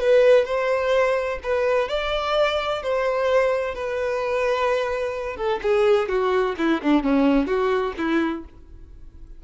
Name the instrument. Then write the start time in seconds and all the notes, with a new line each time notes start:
violin
0.00 B4
0.45 C5
1.43 B4
1.88 D5
2.82 C5
3.74 B4
5.36 A4
5.62 G#4
6.08 F#4
6.58 E4
6.82 D4
7.03 C#4
7.46 F#4
7.97 E4